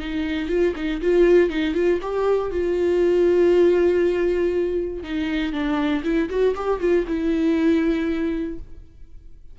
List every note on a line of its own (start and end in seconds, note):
0.00 0.49 D#4
0.49 0.74 F4
0.76 1.01 D#4
1.02 1.50 F4
1.50 1.75 D#4
1.75 2.00 F4
2.02 2.52 G4
2.52 5.04 F4
5.04 5.53 D#4
5.53 6.03 D4
6.04 6.29 E4
6.30 6.55 F#4
6.56 6.81 G4
6.81 7.06 F4
7.08 8.59 E4